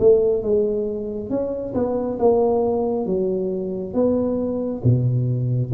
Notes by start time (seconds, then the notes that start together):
0.00 A3
0.43 G#3
1.30 C#4
1.74 B3
2.19 A#3
3.06 F#3
3.94 B3
4.84 B2